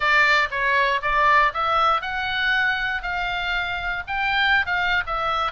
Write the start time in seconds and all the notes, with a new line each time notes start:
0.00 D5
0.50 C#5
1.02 D5
1.53 E5
2.01 F#5
3.02 F5
4.07 G5
4.65 F5
5.06 E5